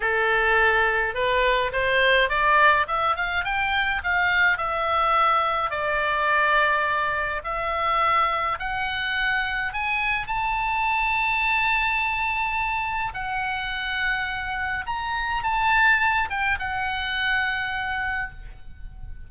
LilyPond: \new Staff \with { instrumentName = "oboe" } { \time 4/4 \tempo 4 = 105 a'2 b'4 c''4 | d''4 e''8 f''8 g''4 f''4 | e''2 d''2~ | d''4 e''2 fis''4~ |
fis''4 gis''4 a''2~ | a''2. fis''4~ | fis''2 ais''4 a''4~ | a''8 g''8 fis''2. | }